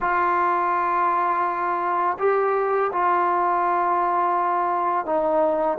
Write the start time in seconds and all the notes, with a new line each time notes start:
0.00 F4
2.19 G4
2.92 F4
5.05 D#4